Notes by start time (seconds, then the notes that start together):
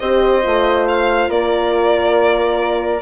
0.00 C4 G4 C5 D#5
0.43 A3 F4
0.88 F5
1.29 A#3 A#4 D5